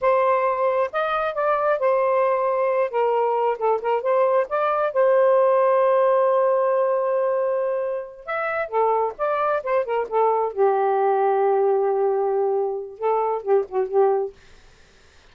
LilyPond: \new Staff \with { instrumentName = "saxophone" } { \time 4/4 \tempo 4 = 134 c''2 dis''4 d''4 | c''2~ c''8 ais'4. | a'8 ais'8 c''4 d''4 c''4~ | c''1~ |
c''2~ c''8 e''4 a'8~ | a'8 d''4 c''8 ais'8 a'4 g'8~ | g'1~ | g'4 a'4 g'8 fis'8 g'4 | }